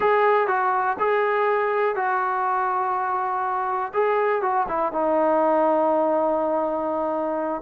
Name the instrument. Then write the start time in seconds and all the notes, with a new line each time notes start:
trombone
0.00 G#4
0.47 F#4
0.99 G#4
1.95 F#4
3.93 G#4
4.42 F#4
4.68 E4
4.92 D#4